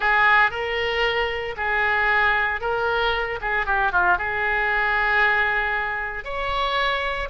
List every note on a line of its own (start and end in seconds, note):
0.00 0.51 G#4
0.51 1.55 A#4
1.56 2.61 G#4
2.61 3.39 A#4
3.41 3.65 G#4
3.65 3.92 G4
3.92 4.18 F4
4.18 6.24 G#4
6.24 7.28 C#5